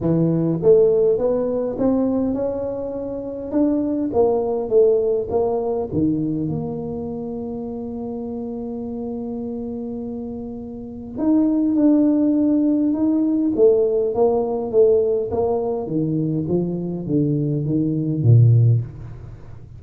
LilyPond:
\new Staff \with { instrumentName = "tuba" } { \time 4/4 \tempo 4 = 102 e4 a4 b4 c'4 | cis'2 d'4 ais4 | a4 ais4 dis4 ais4~ | ais1~ |
ais2. dis'4 | d'2 dis'4 a4 | ais4 a4 ais4 dis4 | f4 d4 dis4 ais,4 | }